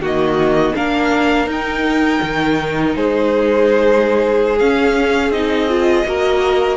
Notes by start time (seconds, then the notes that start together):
0.00 D#3 A#3 F#4 D#5
0.76 A#3 D4 A#4 F5
1.47 D#4 G5
2.22 D#3
2.95 G#3 G#4 C5
4.59 C#4 F5
5.30 C4 D#4 D#5
5.69 F4
6.06 A#3 F#4 A#4